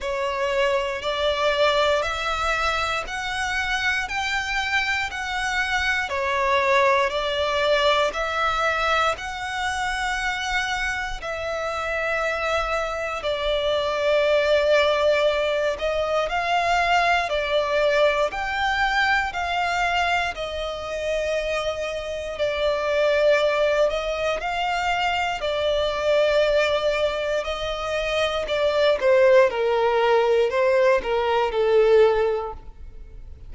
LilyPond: \new Staff \with { instrumentName = "violin" } { \time 4/4 \tempo 4 = 59 cis''4 d''4 e''4 fis''4 | g''4 fis''4 cis''4 d''4 | e''4 fis''2 e''4~ | e''4 d''2~ d''8 dis''8 |
f''4 d''4 g''4 f''4 | dis''2 d''4. dis''8 | f''4 d''2 dis''4 | d''8 c''8 ais'4 c''8 ais'8 a'4 | }